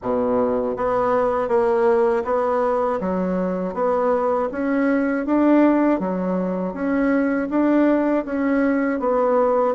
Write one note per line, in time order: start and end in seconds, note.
0.02 0.76 B2
0.76 1.48 B3
1.48 2.23 A#3
2.24 2.99 B3
3.00 3.73 F#3
3.73 4.48 B3
4.51 5.25 C#4
5.25 5.99 D4
5.99 6.73 F#3
6.73 7.48 C#4
7.50 8.25 D4
8.25 8.99 C#4
8.99 9.74 B3